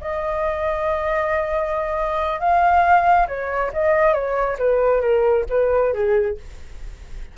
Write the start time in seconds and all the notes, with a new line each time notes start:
0.00 D#5
2.39 F5
3.27 C#5
3.73 D#5
4.13 C#5
4.58 B4
5.01 A#4
5.49 B4
5.93 G#4